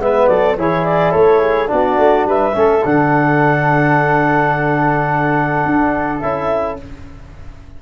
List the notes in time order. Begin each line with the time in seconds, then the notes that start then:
0.00 G#3 B3 B4 E5
0.28 F#3 A4 D5
0.58 E3 E4 G#4 C#5
0.85 D5
1.12 A3 A4 C#5
1.40 G#4
1.68 B3 D4 F#4 D5
1.98 A3
2.26 G3 B4 E5
2.53 A3 C#4 A4
2.85 D3 D4 F#5
5.66 D4
6.20 C#4 E4 E5